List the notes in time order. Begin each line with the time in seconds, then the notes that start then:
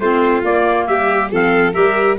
0.00 A3 C4 F4 C5
0.44 A#3 D5
0.87 G3 G4 E5
1.32 F3 C4 A4 F5
1.73 G3 G4 A#4 E5